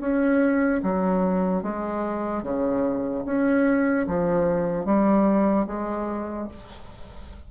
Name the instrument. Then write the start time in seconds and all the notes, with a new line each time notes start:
bassoon
0.00 C#4
0.83 F#3
1.63 G#3
2.43 C#3
3.25 C#4
4.07 F3
4.85 G3
5.67 G#3